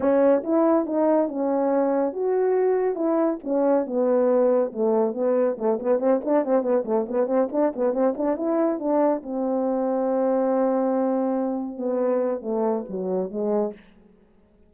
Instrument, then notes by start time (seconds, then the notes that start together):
horn
0.00 C#4
0.43 E4
0.86 D#4
1.28 C#4
2.12 F#4
2.95 E4
3.43 C#4
3.86 B3
4.72 A3
5.14 B3
5.58 A3
5.79 B3
5.99 C4
6.24 D4
6.44 C4
6.62 B3
6.85 A3
7.08 B3
7.26 C4
7.52 D4
7.75 B3
7.93 C4
8.17 D4
8.36 E4
8.79 D4
9.23 C4
11.77 B3
12.41 A3
12.89 F#3
13.31 G#3